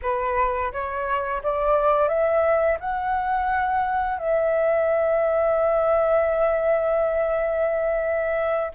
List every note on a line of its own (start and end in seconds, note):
0.02 0.72 B4
0.72 1.41 C#5
1.42 2.08 D5
2.08 2.77 E5
2.80 4.18 F#5
4.18 8.71 E5